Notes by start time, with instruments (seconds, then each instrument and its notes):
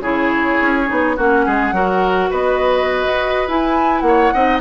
0.00 bassoon C#3, clarinet E4, oboe G#4, flute C#5
0.61 bassoon C#4
0.86 bassoon B3, clarinet D#4
1.16 bassoon A#3, clarinet C#4, oboe F#4, flute F#5
1.46 bassoon G#3, oboe G#4
1.72 bassoon F#3, clarinet F#4, oboe A#4
2.30 bassoon B3, oboe B4, flute D#5
3.08 bassoon F#4
3.48 bassoon E4, clarinet E4, flute G#5
4.01 bassoon A#3, flute F#5
4.07 oboe C#5
4.34 bassoon C4, clarinet D#4, oboe D#5